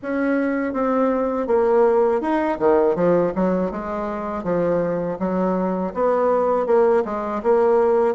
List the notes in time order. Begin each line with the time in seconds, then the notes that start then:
0.02 C#4
0.73 C4
1.46 A#3
2.21 D#4
2.59 D#3
2.95 F3
3.35 F#3
3.71 G#3
4.43 F3
5.19 F#3
5.94 B3
6.66 A#3
7.04 G#3
7.43 A#3